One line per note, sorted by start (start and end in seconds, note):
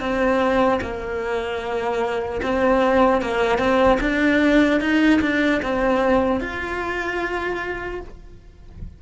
0.00 0.80 C4
0.81 2.41 A#3
2.42 3.21 C4
3.21 3.59 A#3
3.59 3.99 C4
4.00 4.80 D4
4.80 5.20 D#4
5.21 5.61 D4
5.62 6.40 C4
6.40 8.00 F4